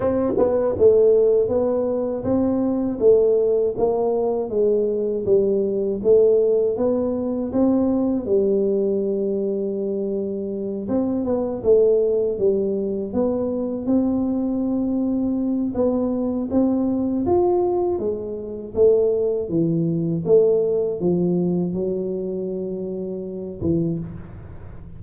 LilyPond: \new Staff \with { instrumentName = "tuba" } { \time 4/4 \tempo 4 = 80 c'8 b8 a4 b4 c'4 | a4 ais4 gis4 g4 | a4 b4 c'4 g4~ | g2~ g8 c'8 b8 a8~ |
a8 g4 b4 c'4.~ | c'4 b4 c'4 f'4 | gis4 a4 e4 a4 | f4 fis2~ fis8 e8 | }